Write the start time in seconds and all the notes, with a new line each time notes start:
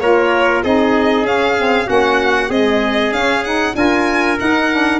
0.00 A#3 F4 A#4 C#5
0.64 C4 D#4 G#4 D#5
1.23 C#4 F5
1.58 C4
1.86 A#3 C#4 F#4 F#5
2.49 G#3 C4 G#4 D#5
3.12 C#4 F5
3.44 D#4 F#5
3.74 D4 F4 A#4 G#5
4.39 D#4 F#5
4.71 D4